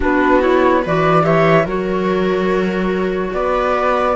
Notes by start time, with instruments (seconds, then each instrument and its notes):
0.00 cello B3, clarinet D4, viola F#4, flute B4
0.40 clarinet E4, flute C#5
0.82 cello E3, clarinet F#4, viola B4, flute D5
1.22 clarinet G4, viola C#5, flute E5
1.64 cello F#3, clarinet F#4, viola A#4, flute C#5
3.33 cello B3, viola B4, flute D5